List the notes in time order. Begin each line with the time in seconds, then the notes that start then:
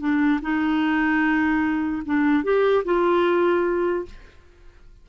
0.00 D4
0.42 D#4
2.06 D4
2.44 G4
2.85 F4